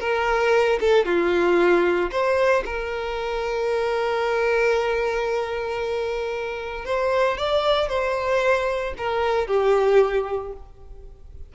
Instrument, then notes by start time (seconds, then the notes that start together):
violin
0.00 A#4
0.80 A4
1.05 F4
2.11 C5
2.65 A#4
6.85 C5
7.38 D5
7.89 C5
8.98 A#4
9.47 G4